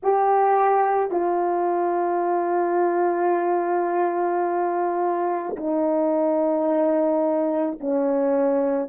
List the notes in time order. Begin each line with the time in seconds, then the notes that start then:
0.03 G4
1.11 F4
5.56 D#4
7.80 C#4